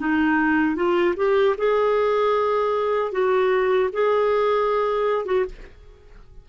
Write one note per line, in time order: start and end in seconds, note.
0.00 0.76 D#4
0.76 1.15 F4
1.17 1.56 G4
1.58 3.12 G#4
3.12 3.90 F#4
3.93 5.26 G#4
5.26 5.45 F#4